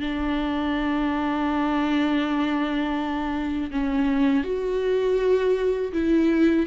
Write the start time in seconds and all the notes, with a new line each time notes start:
0.00 D4
3.71 C#4
4.44 F#4
5.93 E4